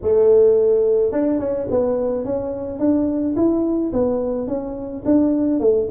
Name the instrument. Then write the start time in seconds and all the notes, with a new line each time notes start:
tuba
0.02 A3
1.11 D4
1.39 C#4
1.70 B3
2.24 C#4
2.79 D4
3.35 E4
3.93 B3
4.47 C#4
5.05 D4
5.59 A3